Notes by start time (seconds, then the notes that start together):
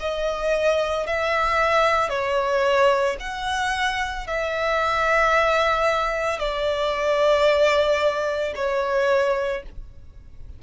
0.00 D#5
1.07 E5
2.10 C#5
3.20 F#5
4.28 E5
6.39 D5
8.56 C#5